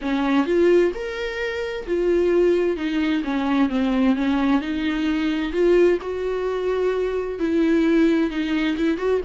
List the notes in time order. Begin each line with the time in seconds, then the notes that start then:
0.01 C#4
0.46 F4
0.94 A#4
1.87 F4
2.77 D#4
3.24 C#4
3.69 C4
4.15 C#4
4.61 D#4
5.52 F4
6.01 F#4
7.39 E4
8.30 D#4
8.77 E4
8.97 F#4